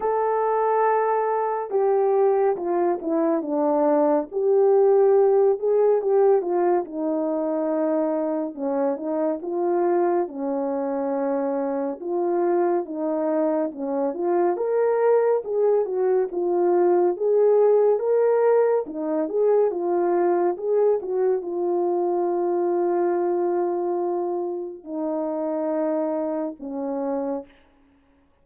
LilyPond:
\new Staff \with { instrumentName = "horn" } { \time 4/4 \tempo 4 = 70 a'2 g'4 f'8 e'8 | d'4 g'4. gis'8 g'8 f'8 | dis'2 cis'8 dis'8 f'4 | cis'2 f'4 dis'4 |
cis'8 f'8 ais'4 gis'8 fis'8 f'4 | gis'4 ais'4 dis'8 gis'8 f'4 | gis'8 fis'8 f'2.~ | f'4 dis'2 cis'4 | }